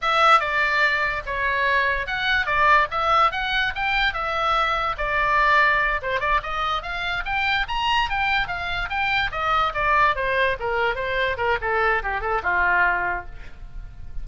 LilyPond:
\new Staff \with { instrumentName = "oboe" } { \time 4/4 \tempo 4 = 145 e''4 d''2 cis''4~ | cis''4 fis''4 d''4 e''4 | fis''4 g''4 e''2 | d''2~ d''8 c''8 d''8 dis''8~ |
dis''8 f''4 g''4 ais''4 g''8~ | g''8 f''4 g''4 dis''4 d''8~ | d''8 c''4 ais'4 c''4 ais'8 | a'4 g'8 a'8 f'2 | }